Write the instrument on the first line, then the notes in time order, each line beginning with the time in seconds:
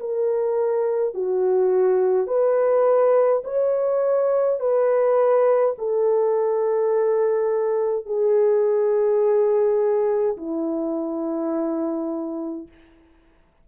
horn
0.00 A#4
1.14 F#4
2.27 B4
3.45 C#5
4.60 B4
5.78 A4
8.06 G#4
10.37 E4